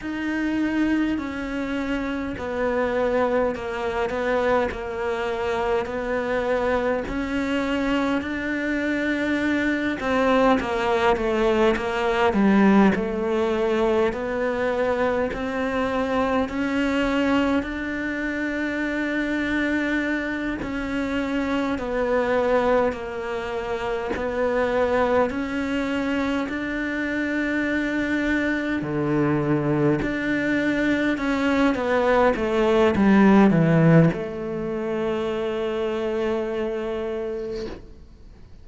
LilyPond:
\new Staff \with { instrumentName = "cello" } { \time 4/4 \tempo 4 = 51 dis'4 cis'4 b4 ais8 b8 | ais4 b4 cis'4 d'4~ | d'8 c'8 ais8 a8 ais8 g8 a4 | b4 c'4 cis'4 d'4~ |
d'4. cis'4 b4 ais8~ | ais8 b4 cis'4 d'4.~ | d'8 d4 d'4 cis'8 b8 a8 | g8 e8 a2. | }